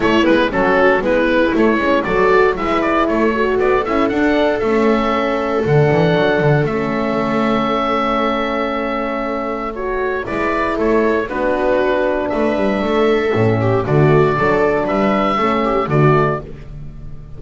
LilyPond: <<
  \new Staff \with { instrumentName = "oboe" } { \time 4/4 \tempo 4 = 117 cis''8 b'8 a'4 b'4 cis''4 | d''4 e''8 d''8 cis''4 d''8 e''8 | fis''4 e''2 fis''4~ | fis''4 e''2.~ |
e''2. cis''4 | d''4 cis''4 b'2 | e''2. d''4~ | d''4 e''2 d''4 | }
  \new Staff \with { instrumentName = "viola" } { \time 4/4 e'4 fis'4 e'2 | a'4 b'4 a'2~ | a'1~ | a'1~ |
a'1 | b'4 a'4 fis'2 | b'4 a'4. g'8 fis'4 | a'4 b'4 a'8 g'8 fis'4 | }
  \new Staff \with { instrumentName = "horn" } { \time 4/4 a8 b8 cis'4 b4 a8 cis'8 | fis'4 e'4. fis'4 e'8 | d'4 cis'2 d'4~ | d'4 cis'2.~ |
cis'2. fis'4 | e'2 d'2~ | d'2 cis'4 a4 | d'2 cis'4 a4 | }
  \new Staff \with { instrumentName = "double bass" } { \time 4/4 a8 gis8 fis4 gis4 a8 gis8 | fis4 gis4 a4 b8 cis'8 | d'4 a2 d8 e8 | fis8 d8 a2.~ |
a1 | gis4 a4 b2 | a8 g8 a4 a,4 d4 | fis4 g4 a4 d4 | }
>>